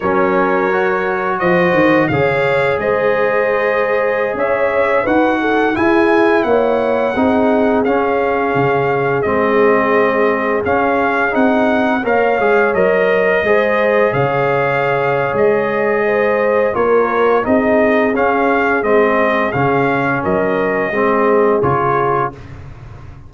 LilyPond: <<
  \new Staff \with { instrumentName = "trumpet" } { \time 4/4 \tempo 4 = 86 cis''2 dis''4 f''4 | dis''2~ dis''16 e''4 fis''8.~ | fis''16 gis''4 fis''2 f''8.~ | f''4~ f''16 dis''2 f''8.~ |
f''16 fis''4 f''4 dis''4.~ dis''16~ | dis''16 f''4.~ f''16 dis''2 | cis''4 dis''4 f''4 dis''4 | f''4 dis''2 cis''4 | }
  \new Staff \with { instrumentName = "horn" } { \time 4/4 ais'2 c''4 cis''4 | c''2~ c''16 cis''4 b'8 a'16~ | a'16 gis'4 cis''4 gis'4.~ gis'16~ | gis'1~ |
gis'4~ gis'16 cis''2 c''8.~ | c''16 cis''2~ cis''8. c''4 | ais'4 gis'2.~ | gis'4 ais'4 gis'2 | }
  \new Staff \with { instrumentName = "trombone" } { \time 4/4 cis'4 fis'2 gis'4~ | gis'2.~ gis'16 fis'8.~ | fis'16 e'2 dis'4 cis'8.~ | cis'4~ cis'16 c'2 cis'8.~ |
cis'16 dis'4 ais'8 gis'8 ais'4 gis'8.~ | gis'1 | f'4 dis'4 cis'4 c'4 | cis'2 c'4 f'4 | }
  \new Staff \with { instrumentName = "tuba" } { \time 4/4 fis2 f8 dis8 cis4 | gis2~ gis16 cis'4 dis'8.~ | dis'16 e'4 ais4 c'4 cis'8.~ | cis'16 cis4 gis2 cis'8.~ |
cis'16 c'4 ais8 gis8 fis4 gis8.~ | gis16 cis4.~ cis16 gis2 | ais4 c'4 cis'4 gis4 | cis4 fis4 gis4 cis4 | }
>>